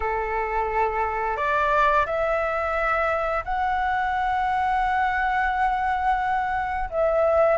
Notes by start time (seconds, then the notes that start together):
0.00 A4
1.36 D5
2.06 E5
3.45 F#5
6.90 E5